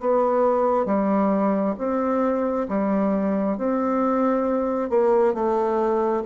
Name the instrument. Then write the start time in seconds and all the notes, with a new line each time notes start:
bassoon
0.00 B3
0.86 G3
1.78 C4
2.69 G3
3.58 C4
4.90 A#3
5.34 A3